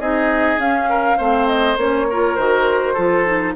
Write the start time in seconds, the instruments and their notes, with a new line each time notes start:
0.00 bassoon C4, clarinet D#4, oboe G#4, flute D#5
0.58 bassoon C#4, clarinet C#4, flute F5
0.89 oboe A#4
1.18 bassoon A3, clarinet C4, oboe C5
1.48 flute D#5
1.77 bassoon A#3, clarinet C#4, flute C#5
2.10 clarinet F4, oboe A#4
2.36 bassoon D#3, clarinet F#4, flute C5
2.94 bassoon F3, clarinet F4, oboe A4
3.26 clarinet D#4